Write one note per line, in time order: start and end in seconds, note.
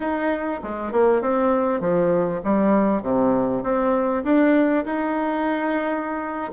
0.00 0.60 D#4
0.63 0.92 G#3
0.92 1.21 A#3
1.21 1.80 C4
1.80 2.41 F3
2.44 3.02 G3
3.02 3.63 C3
3.63 4.23 C4
4.24 4.84 D4
4.85 6.52 D#4